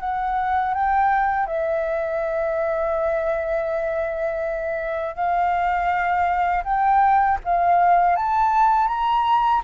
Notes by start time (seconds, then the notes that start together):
0.00 F#5
0.74 G5
1.47 E5
5.15 F5
6.64 G5
7.45 F5
8.16 A5
8.88 A#5